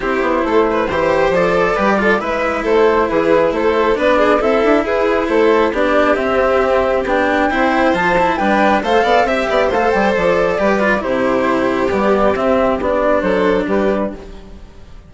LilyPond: <<
  \new Staff \with { instrumentName = "flute" } { \time 4/4 \tempo 4 = 136 c''2. d''4~ | d''4 e''4 c''4 b'4 | c''4 d''4 e''4 b'4 | c''4 d''4 e''2 |
g''2 a''4 g''4 | f''4 e''4 f''8 g''8 d''4~ | d''4 c''2 d''4 | e''4 d''4 c''4 b'4 | }
  \new Staff \with { instrumentName = "violin" } { \time 4/4 g'4 a'8 b'8 c''2 | b'8 a'8 b'4 a'4 gis'4 | a'4 b'8 gis'8 a'4 gis'4 | a'4 g'2.~ |
g'4 c''2 b'4 | c''8 d''8 e''8 d''8 c''2 | b'4 g'2.~ | g'2 a'4 g'4 | }
  \new Staff \with { instrumentName = "cello" } { \time 4/4 e'2 g'4 a'4 | g'8 f'8 e'2.~ | e'4 d'4 e'2~ | e'4 d'4 c'2 |
d'4 e'4 f'8 e'8 d'4 | a'4 g'4 a'2 | g'8 f'8 e'2 b4 | c'4 d'2. | }
  \new Staff \with { instrumentName = "bassoon" } { \time 4/4 c'8 b8 a4 e4 f4 | g4 gis4 a4 e4 | a4 b4 c'8 d'8 e'4 | a4 b4 c'2 |
b4 c'4 f4 g4 | a8 b8 c'8 b8 a8 g8 f4 | g4 c2 g4 | c'4 b4 fis4 g4 | }
>>